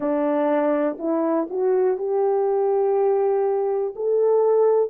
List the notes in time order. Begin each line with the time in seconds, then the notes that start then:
0.00 D4
0.98 E4
1.50 F#4
1.97 G4
3.95 A4